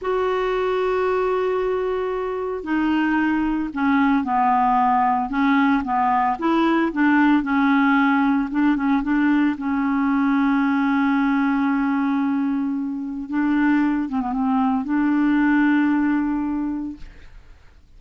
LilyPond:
\new Staff \with { instrumentName = "clarinet" } { \time 4/4 \tempo 4 = 113 fis'1~ | fis'4 dis'2 cis'4 | b2 cis'4 b4 | e'4 d'4 cis'2 |
d'8 cis'8 d'4 cis'2~ | cis'1~ | cis'4 d'4. c'16 b16 c'4 | d'1 | }